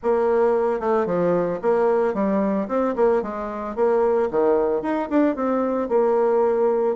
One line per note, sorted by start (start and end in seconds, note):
0.02 0.80 A#3
0.80 1.06 A3
1.06 1.59 F3
1.62 2.14 A#3
2.14 2.67 G3
2.68 2.94 C4
2.95 3.22 A#3
3.22 3.75 G#3
3.75 4.29 A#3
4.31 4.82 D#3
4.82 5.08 D#4
5.09 5.35 D4
5.35 5.89 C4
5.89 6.95 A#3